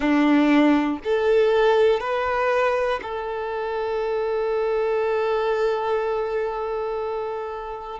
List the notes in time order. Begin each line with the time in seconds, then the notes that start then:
0.00 D4
1.04 A4
2.00 B4
3.02 A4